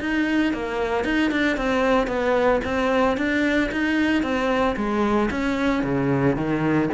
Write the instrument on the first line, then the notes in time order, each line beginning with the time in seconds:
cello
0.00 D#4
0.53 A#3
1.05 D#4
1.31 D4
1.57 C4
2.07 B3
2.64 C4
3.17 D4
3.72 D#4
4.23 C4
4.76 G#3
5.31 C#4
5.83 C#3
6.36 D#3